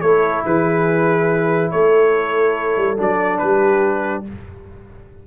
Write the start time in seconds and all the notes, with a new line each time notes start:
0.00 A3 E4 A4 C#5
0.44 E3 G#4 B4
1.71 A3 A4 C#5
2.77 G3
2.97 F#3 D4 D5
3.38 G3 G4 B4